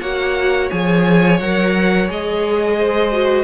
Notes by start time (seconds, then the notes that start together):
0.00 A#3 F#4 C#5 F#5
0.70 F3 G#4 G#5
1.39 F#3 A#4 F#5
2.08 G#3 G#4 D#5
2.77 C5
3.11 F#4